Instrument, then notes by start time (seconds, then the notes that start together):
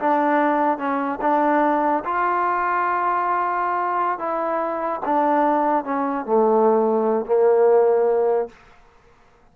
trombone
0.00 D4
0.78 C#4
1.22 D4
2.05 F4
4.19 E4
5.05 D4
5.85 C#4
6.26 A3
7.26 A#3